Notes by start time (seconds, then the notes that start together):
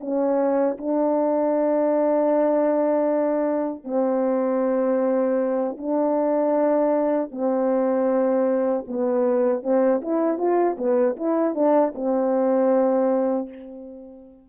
0.00 C#4
0.77 D4
3.84 C4
5.77 D4
7.31 C4
8.87 B3
9.62 C4
10.01 E4
10.38 F4
10.77 B3
11.16 E4
11.55 D4
11.94 C4